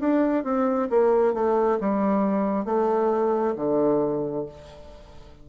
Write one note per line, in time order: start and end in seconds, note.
0.00 0.44 D4
0.44 0.89 C4
0.90 1.34 A#3
1.34 1.79 A3
1.81 2.65 G3
2.65 3.55 A3
3.56 4.45 D3